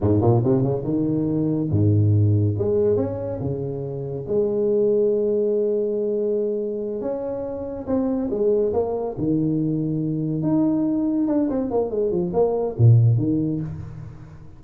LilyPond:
\new Staff \with { instrumentName = "tuba" } { \time 4/4 \tempo 4 = 141 gis,8 ais,8 c8 cis8 dis2 | gis,2 gis4 cis'4 | cis2 gis2~ | gis1~ |
gis8 cis'2 c'4 gis8~ | gis8 ais4 dis2~ dis8~ | dis8 dis'2 d'8 c'8 ais8 | gis8 f8 ais4 ais,4 dis4 | }